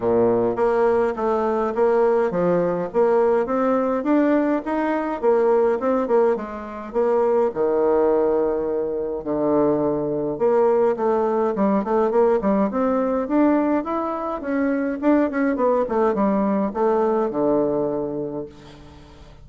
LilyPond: \new Staff \with { instrumentName = "bassoon" } { \time 4/4 \tempo 4 = 104 ais,4 ais4 a4 ais4 | f4 ais4 c'4 d'4 | dis'4 ais4 c'8 ais8 gis4 | ais4 dis2. |
d2 ais4 a4 | g8 a8 ais8 g8 c'4 d'4 | e'4 cis'4 d'8 cis'8 b8 a8 | g4 a4 d2 | }